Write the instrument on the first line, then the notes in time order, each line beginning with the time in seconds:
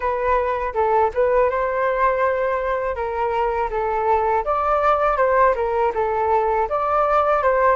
flute
0.00 B4
0.74 A4
1.13 B4
1.50 C5
2.95 A#4
3.70 A4
4.44 D5
5.17 C5
5.55 A#4
5.94 A4
6.69 D5
7.43 C5